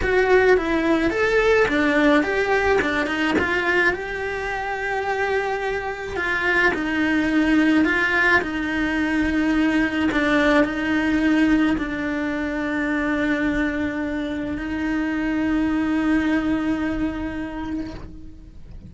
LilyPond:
\new Staff \with { instrumentName = "cello" } { \time 4/4 \tempo 4 = 107 fis'4 e'4 a'4 d'4 | g'4 d'8 dis'8 f'4 g'4~ | g'2. f'4 | dis'2 f'4 dis'4~ |
dis'2 d'4 dis'4~ | dis'4 d'2.~ | d'2 dis'2~ | dis'1 | }